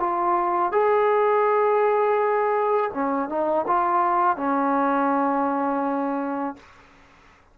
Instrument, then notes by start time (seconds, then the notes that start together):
trombone
0.00 F4
0.72 G#4
2.94 C#4
3.30 D#4
3.68 F4
4.37 C#4